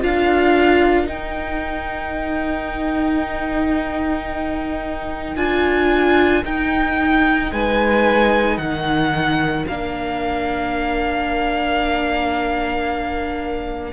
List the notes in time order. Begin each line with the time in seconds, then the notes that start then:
0.00 D4 F4 A#4 F5
1.06 D#4 G5
5.36 D4 F4 G#5
6.44 D#4 G5
7.51 G#3 B4 G#5
8.57 D#3 A#4 F#5
9.67 A#3 D4 F5